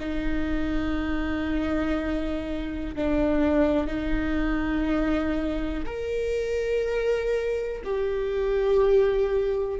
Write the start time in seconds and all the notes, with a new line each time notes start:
0.00 D#4
2.96 D4
3.87 D#4
5.86 A#4
7.84 G4